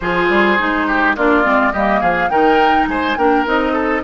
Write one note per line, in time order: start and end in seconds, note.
0.00 0.29 F3
0.00 0.58 F4
0.00 0.87 G#4
0.00 1.15 C5
0.29 0.57 G3
0.58 1.16 G#3
0.58 1.16 D#4
0.87 1.16 G4
1.16 1.44 A#3
1.16 1.43 D4
1.16 1.72 F4
1.16 1.73 D5
1.43 1.73 G#3
1.43 1.72 C4
1.72 2.01 G3
1.72 2.30 A#3
1.72 2.00 G4
1.72 2.01 D#5
2.00 2.29 F3
2.00 2.29 G#4
2.00 2.29 F5
2.29 2.87 D#3
2.29 3.17 D#4
2.29 2.89 A#4
2.29 2.87 G5
2.87 3.16 G#3
2.87 3.18 C5
2.87 3.17 G#5
3.17 3.46 A#3
3.17 3.45 D4
3.17 3.72 A#4
3.17 3.46 G5
3.45 4.04 C4
3.45 4.03 D#4
3.45 4.04 D#5
3.72 4.01 A4